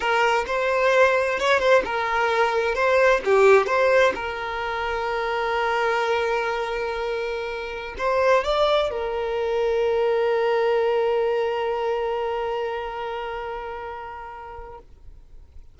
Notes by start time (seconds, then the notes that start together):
0.00 A#4
0.46 C5
1.39 C#5
1.59 C5
1.84 A#4
2.74 C5
3.24 G4
3.66 C5
4.14 A#4
7.98 C5
8.44 D5
8.90 A#4